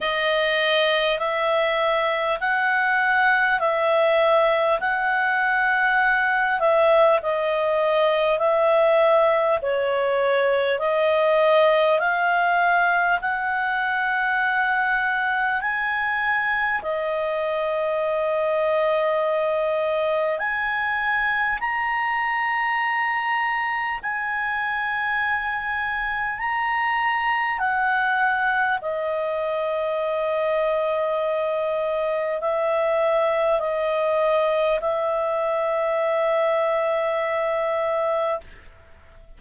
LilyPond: \new Staff \with { instrumentName = "clarinet" } { \time 4/4 \tempo 4 = 50 dis''4 e''4 fis''4 e''4 | fis''4. e''8 dis''4 e''4 | cis''4 dis''4 f''4 fis''4~ | fis''4 gis''4 dis''2~ |
dis''4 gis''4 ais''2 | gis''2 ais''4 fis''4 | dis''2. e''4 | dis''4 e''2. | }